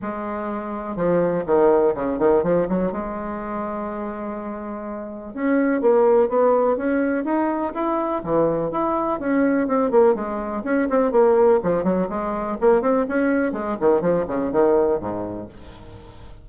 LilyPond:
\new Staff \with { instrumentName = "bassoon" } { \time 4/4 \tempo 4 = 124 gis2 f4 dis4 | cis8 dis8 f8 fis8 gis2~ | gis2. cis'4 | ais4 b4 cis'4 dis'4 |
e'4 e4 e'4 cis'4 | c'8 ais8 gis4 cis'8 c'8 ais4 | f8 fis8 gis4 ais8 c'8 cis'4 | gis8 dis8 f8 cis8 dis4 gis,4 | }